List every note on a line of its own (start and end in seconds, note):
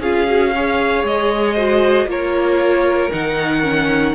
0.00 1.03 C#4
0.00 0.27 F4
0.00 0.52 G#4
0.00 1.06 F5
0.27 0.53 F#4
0.55 1.57 G#4
0.55 1.55 C#5
1.03 2.06 G#3
1.03 2.09 D#5
1.55 2.07 F#4
1.55 2.06 C5
2.06 3.09 A#3
2.06 3.11 F4
2.06 4.15 A#4
2.06 3.12 C#5
3.12 4.15 D#3
3.12 3.63 D#4
3.12 4.15 F#5
3.63 4.15 C#4